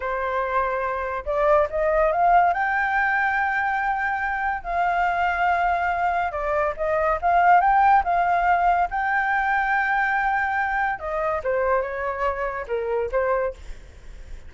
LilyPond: \new Staff \with { instrumentName = "flute" } { \time 4/4 \tempo 4 = 142 c''2. d''4 | dis''4 f''4 g''2~ | g''2. f''4~ | f''2. d''4 |
dis''4 f''4 g''4 f''4~ | f''4 g''2.~ | g''2 dis''4 c''4 | cis''2 ais'4 c''4 | }